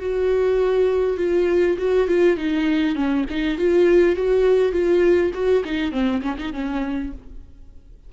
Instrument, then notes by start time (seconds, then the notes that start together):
viola
0.00 F#4
1.17 F4
1.78 F#4
2.08 F4
2.37 D#4
2.95 C#4
3.30 D#4
3.58 F4
4.16 F#4
4.72 F4
5.34 F#4
5.65 D#4
5.92 C4
6.22 C#4
6.39 D#4
6.53 C#4